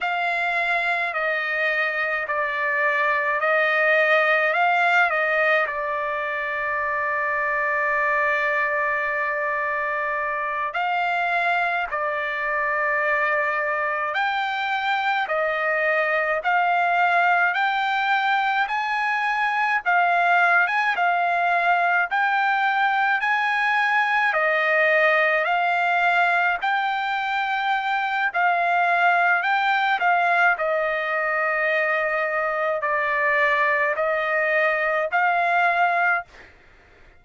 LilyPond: \new Staff \with { instrumentName = "trumpet" } { \time 4/4 \tempo 4 = 53 f''4 dis''4 d''4 dis''4 | f''8 dis''8 d''2.~ | d''4. f''4 d''4.~ | d''8 g''4 dis''4 f''4 g''8~ |
g''8 gis''4 f''8. gis''16 f''4 g''8~ | g''8 gis''4 dis''4 f''4 g''8~ | g''4 f''4 g''8 f''8 dis''4~ | dis''4 d''4 dis''4 f''4 | }